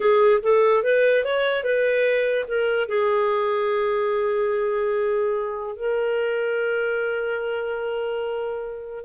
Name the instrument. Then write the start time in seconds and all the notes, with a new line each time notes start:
clarinet
0.00 G#4
0.42 A4
0.83 B4
1.24 C#5
1.63 B4
2.47 A#4
2.88 G#4
5.76 A#4